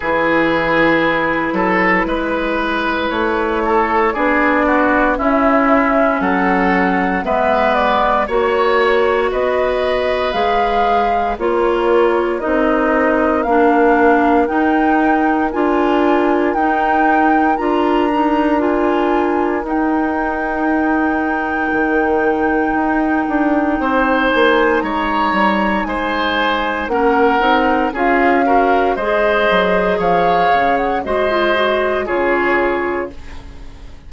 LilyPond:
<<
  \new Staff \with { instrumentName = "flute" } { \time 4/4 \tempo 4 = 58 b'2. cis''4 | d''4 e''4 fis''4 e''8 d''8 | cis''4 dis''4 f''4 cis''4 | dis''4 f''4 g''4 gis''4 |
g''4 ais''4 gis''4 g''4~ | g''2.~ g''8 gis''8 | ais''4 gis''4 fis''4 f''4 | dis''4 f''8. fis''16 dis''4 cis''4 | }
  \new Staff \with { instrumentName = "oboe" } { \time 4/4 gis'4. a'8 b'4. a'8 | gis'8 fis'8 e'4 a'4 b'4 | cis''4 b'2 ais'4~ | ais'1~ |
ais'1~ | ais'2. c''4 | cis''4 c''4 ais'4 gis'8 ais'8 | c''4 cis''4 c''4 gis'4 | }
  \new Staff \with { instrumentName = "clarinet" } { \time 4/4 e'1 | d'4 cis'2 b4 | fis'2 gis'4 f'4 | dis'4 d'4 dis'4 f'4 |
dis'4 f'8 dis'8 f'4 dis'4~ | dis'1~ | dis'2 cis'8 dis'8 f'8 fis'8 | gis'2 fis'16 f'16 fis'8 f'4 | }
  \new Staff \with { instrumentName = "bassoon" } { \time 4/4 e4. fis8 gis4 a4 | b4 cis'4 fis4 gis4 | ais4 b4 gis4 ais4 | c'4 ais4 dis'4 d'4 |
dis'4 d'2 dis'4~ | dis'4 dis4 dis'8 d'8 c'8 ais8 | gis8 g8 gis4 ais8 c'8 cis'4 | gis8 fis8 f8 cis8 gis4 cis4 | }
>>